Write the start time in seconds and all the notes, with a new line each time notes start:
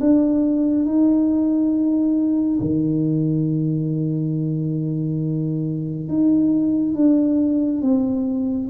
0.00 D4
0.85 D#4
2.60 D#3
6.08 D#4
6.95 D4
7.81 C4